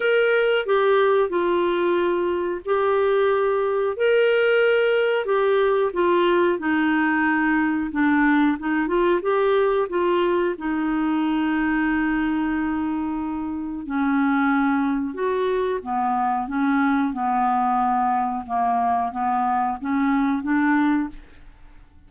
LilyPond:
\new Staff \with { instrumentName = "clarinet" } { \time 4/4 \tempo 4 = 91 ais'4 g'4 f'2 | g'2 ais'2 | g'4 f'4 dis'2 | d'4 dis'8 f'8 g'4 f'4 |
dis'1~ | dis'4 cis'2 fis'4 | b4 cis'4 b2 | ais4 b4 cis'4 d'4 | }